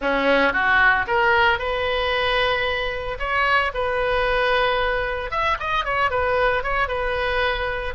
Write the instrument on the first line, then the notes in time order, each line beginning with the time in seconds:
oboe
0.01 C#4
0.52 F#4
1.07 A#4
1.58 B4
3.19 C#5
3.74 B4
5.30 E5
5.59 D#5
5.85 C#5
6.10 B4
6.63 C#5
6.88 B4